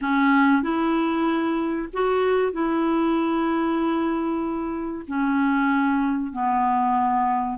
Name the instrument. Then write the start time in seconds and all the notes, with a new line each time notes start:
clarinet
0.01 C#4
0.62 E4
1.93 F#4
2.52 E4
5.07 C#4
6.32 B3